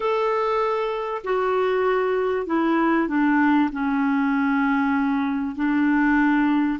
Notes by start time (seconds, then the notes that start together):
0.00 A4
1.24 F#4
2.46 E4
3.08 D4
3.71 C#4
5.55 D4